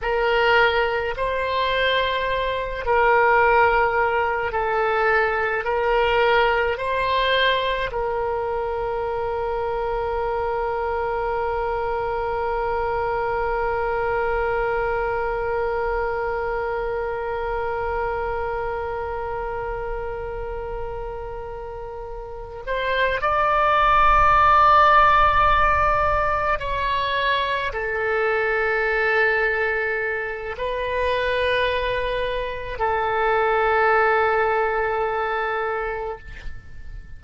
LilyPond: \new Staff \with { instrumentName = "oboe" } { \time 4/4 \tempo 4 = 53 ais'4 c''4. ais'4. | a'4 ais'4 c''4 ais'4~ | ais'1~ | ais'1~ |
ais'1 | c''8 d''2. cis''8~ | cis''8 a'2~ a'8 b'4~ | b'4 a'2. | }